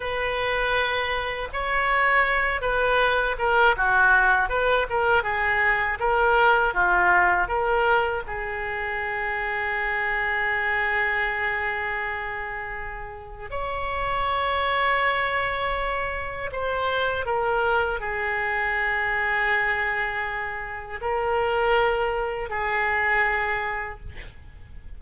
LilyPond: \new Staff \with { instrumentName = "oboe" } { \time 4/4 \tempo 4 = 80 b'2 cis''4. b'8~ | b'8 ais'8 fis'4 b'8 ais'8 gis'4 | ais'4 f'4 ais'4 gis'4~ | gis'1~ |
gis'2 cis''2~ | cis''2 c''4 ais'4 | gis'1 | ais'2 gis'2 | }